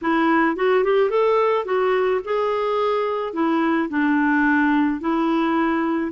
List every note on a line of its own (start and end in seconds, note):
0.01 0.56 E4
0.56 0.83 F#4
0.83 1.10 G4
1.10 1.65 A4
1.65 2.20 F#4
2.24 3.33 G#4
3.33 3.88 E4
3.89 5.00 D4
5.00 6.11 E4